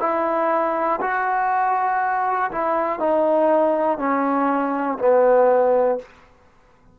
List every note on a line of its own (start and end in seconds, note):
0.00 1.00 E4
1.01 2.51 F#4
2.51 3.00 E4
3.00 3.99 D#4
3.99 4.99 C#4
4.99 5.99 B3